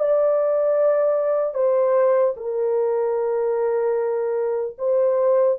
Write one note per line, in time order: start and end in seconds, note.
0.00 1.55 D5
1.55 2.35 C5
2.37 4.77 A#4
4.79 5.59 C5